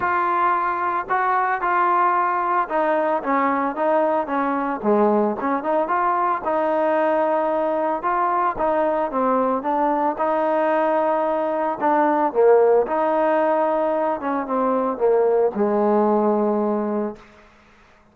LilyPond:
\new Staff \with { instrumentName = "trombone" } { \time 4/4 \tempo 4 = 112 f'2 fis'4 f'4~ | f'4 dis'4 cis'4 dis'4 | cis'4 gis4 cis'8 dis'8 f'4 | dis'2. f'4 |
dis'4 c'4 d'4 dis'4~ | dis'2 d'4 ais4 | dis'2~ dis'8 cis'8 c'4 | ais4 gis2. | }